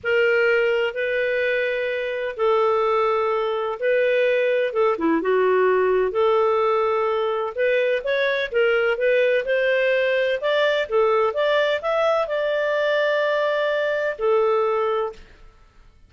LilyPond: \new Staff \with { instrumentName = "clarinet" } { \time 4/4 \tempo 4 = 127 ais'2 b'2~ | b'4 a'2. | b'2 a'8 e'8 fis'4~ | fis'4 a'2. |
b'4 cis''4 ais'4 b'4 | c''2 d''4 a'4 | d''4 e''4 d''2~ | d''2 a'2 | }